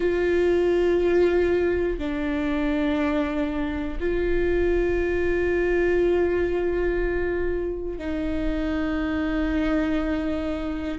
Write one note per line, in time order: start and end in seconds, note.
0.00 1.98 F4
1.98 3.98 D4
4.00 7.98 F4
7.98 10.98 D#4